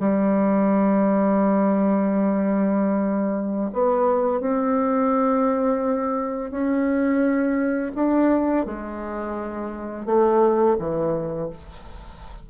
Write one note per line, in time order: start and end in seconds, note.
0.00 3.71 G3
3.73 4.41 B3
4.41 6.51 C4
6.51 7.92 C#4
7.95 8.66 D4
8.66 10.06 G#3
10.06 10.76 A3
10.79 11.50 E3